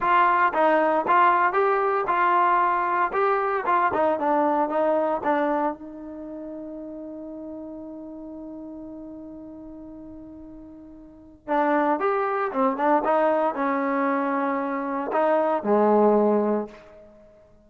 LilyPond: \new Staff \with { instrumentName = "trombone" } { \time 4/4 \tempo 4 = 115 f'4 dis'4 f'4 g'4 | f'2 g'4 f'8 dis'8 | d'4 dis'4 d'4 dis'4~ | dis'1~ |
dis'1~ | dis'2 d'4 g'4 | c'8 d'8 dis'4 cis'2~ | cis'4 dis'4 gis2 | }